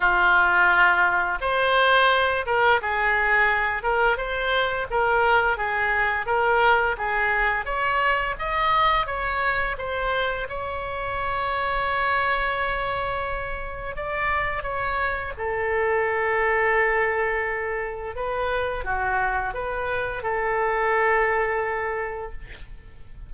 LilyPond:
\new Staff \with { instrumentName = "oboe" } { \time 4/4 \tempo 4 = 86 f'2 c''4. ais'8 | gis'4. ais'8 c''4 ais'4 | gis'4 ais'4 gis'4 cis''4 | dis''4 cis''4 c''4 cis''4~ |
cis''1 | d''4 cis''4 a'2~ | a'2 b'4 fis'4 | b'4 a'2. | }